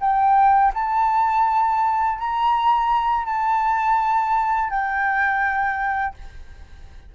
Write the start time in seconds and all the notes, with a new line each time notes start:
0.00 G5
0.74 A5
2.18 A#5
3.25 A5
4.70 G5